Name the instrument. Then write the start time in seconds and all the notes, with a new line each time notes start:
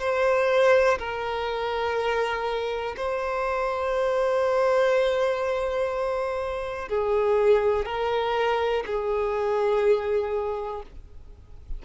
violin
0.00 C5
0.99 A#4
2.97 C5
6.89 G#4
7.86 A#4
8.87 G#4